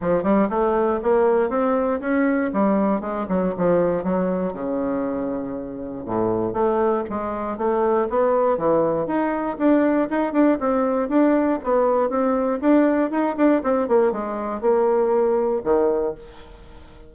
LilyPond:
\new Staff \with { instrumentName = "bassoon" } { \time 4/4 \tempo 4 = 119 f8 g8 a4 ais4 c'4 | cis'4 g4 gis8 fis8 f4 | fis4 cis2. | a,4 a4 gis4 a4 |
b4 e4 dis'4 d'4 | dis'8 d'8 c'4 d'4 b4 | c'4 d'4 dis'8 d'8 c'8 ais8 | gis4 ais2 dis4 | }